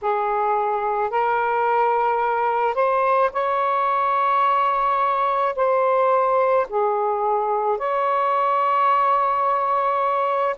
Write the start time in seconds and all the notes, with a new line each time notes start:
0.01 G#4
1.10 A#4
2.74 C5
3.32 C#5
5.56 C5
6.69 G#4
7.78 C#5